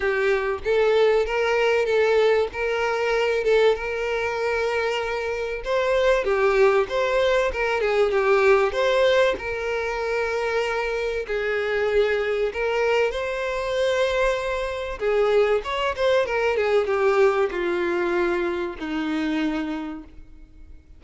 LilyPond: \new Staff \with { instrumentName = "violin" } { \time 4/4 \tempo 4 = 96 g'4 a'4 ais'4 a'4 | ais'4. a'8 ais'2~ | ais'4 c''4 g'4 c''4 | ais'8 gis'8 g'4 c''4 ais'4~ |
ais'2 gis'2 | ais'4 c''2. | gis'4 cis''8 c''8 ais'8 gis'8 g'4 | f'2 dis'2 | }